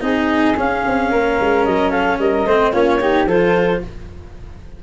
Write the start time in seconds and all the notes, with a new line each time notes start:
0.00 C4 D#4 G#4 D#5
0.56 C#4 F5
0.86 C4
1.10 A#3 A#4
1.40 G#3
1.65 F#3 D#5
1.90 A4 F5
2.18 G3 A#4 D#5
2.45 A3 C4 C5
2.72 A#3 C#4 F4 C#5
3.00 D#4 G4
3.26 F3 F4 A4 C5